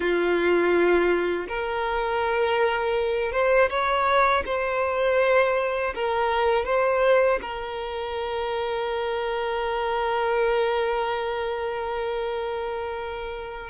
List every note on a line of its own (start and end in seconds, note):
0.00 1.46 F4
1.48 3.32 A#4
3.32 3.69 C5
3.69 4.43 C#5
4.45 5.94 C5
5.95 6.65 A#4
6.65 7.39 C5
7.41 13.70 A#4